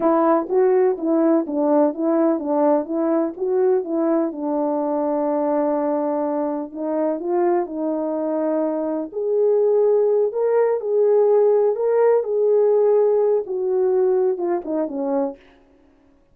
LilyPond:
\new Staff \with { instrumentName = "horn" } { \time 4/4 \tempo 4 = 125 e'4 fis'4 e'4 d'4 | e'4 d'4 e'4 fis'4 | e'4 d'2.~ | d'2 dis'4 f'4 |
dis'2. gis'4~ | gis'4. ais'4 gis'4.~ | gis'8 ais'4 gis'2~ gis'8 | fis'2 f'8 dis'8 cis'4 | }